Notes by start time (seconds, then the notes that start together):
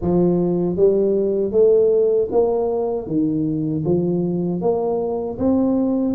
0.01 F3
0.76 G3
1.51 A3
2.31 A#3
3.06 D#3
3.85 F3
4.61 A#3
5.38 C4